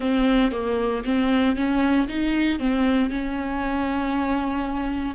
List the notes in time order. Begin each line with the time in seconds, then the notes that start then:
0.00 C4
0.51 A#3
1.04 C4
1.56 C#4
2.08 D#4
2.59 C4
3.10 C#4